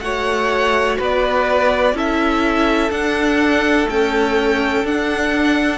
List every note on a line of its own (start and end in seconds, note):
0.00 0.97 A3
0.00 1.95 F#4
0.00 0.98 C#5
0.00 0.97 F#5
0.98 1.94 B3
0.98 1.95 B4
0.98 1.97 D5
1.94 2.90 C#4
1.94 2.91 E4
1.94 5.78 A4
1.94 2.91 E5
2.91 3.84 D4
2.91 3.87 D4
2.91 3.88 F#5
3.84 4.81 A3
3.84 4.84 C#4
3.84 4.86 G5
4.84 5.78 D4
4.84 5.78 F#5